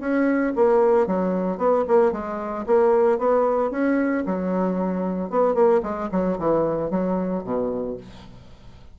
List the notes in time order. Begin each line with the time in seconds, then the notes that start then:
0.00 C#4
0.56 A#3
1.07 F#3
1.58 B3
1.88 A#3
2.12 G#3
2.67 A#3
3.19 B3
3.71 C#4
4.26 F#3
5.30 B3
5.54 A#3
5.83 G#3
6.12 F#3
6.38 E3
6.91 F#3
7.44 B2